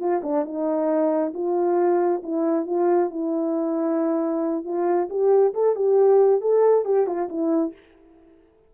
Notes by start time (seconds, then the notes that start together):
0.00 F4
0.24 D4
0.46 D#4
1.34 F4
2.24 E4
2.67 F4
3.11 E4
4.65 F4
5.10 G4
5.54 A4
5.76 G4
6.41 A4
6.85 G4
7.07 F4
7.30 E4